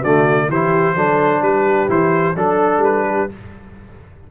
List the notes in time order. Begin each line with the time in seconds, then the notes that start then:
0.00 D3 A3 F#4 D5
0.49 E3 E4 G4 C5
0.96 F#3 D4 A4
1.42 G3 G4 B4
1.89 E3 E4 C5
2.36 F#3 D4 A4
2.78 G3
2.85 B4
3.08 G4